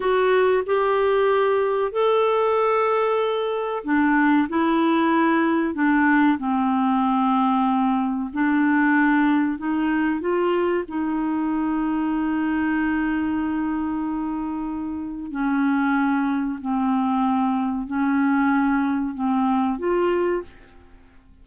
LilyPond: \new Staff \with { instrumentName = "clarinet" } { \time 4/4 \tempo 4 = 94 fis'4 g'2 a'4~ | a'2 d'4 e'4~ | e'4 d'4 c'2~ | c'4 d'2 dis'4 |
f'4 dis'2.~ | dis'1 | cis'2 c'2 | cis'2 c'4 f'4 | }